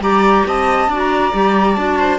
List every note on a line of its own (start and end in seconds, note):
0.00 0.44 G3
0.00 0.89 G4
0.00 0.47 D5
0.00 0.46 A#5
0.46 0.88 C4
0.46 0.90 D#5
0.46 0.99 A5
0.88 1.32 D4
0.88 1.32 F#4
0.88 1.99 D5
0.99 1.75 A#5
1.32 1.77 G3
1.32 1.76 G4
1.75 2.19 D4
1.75 2.19 F#4
1.75 2.19 A5
1.99 2.19 C5